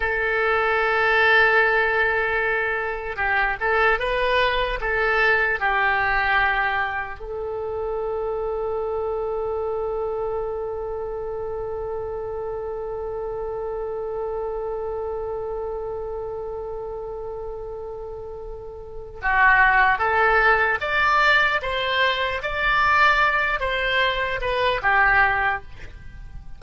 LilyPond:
\new Staff \with { instrumentName = "oboe" } { \time 4/4 \tempo 4 = 75 a'1 | g'8 a'8 b'4 a'4 g'4~ | g'4 a'2.~ | a'1~ |
a'1~ | a'1 | fis'4 a'4 d''4 c''4 | d''4. c''4 b'8 g'4 | }